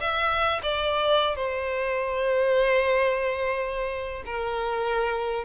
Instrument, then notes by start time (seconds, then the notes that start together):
violin
0.00 E5
0.63 D5
1.35 C5
4.26 A#4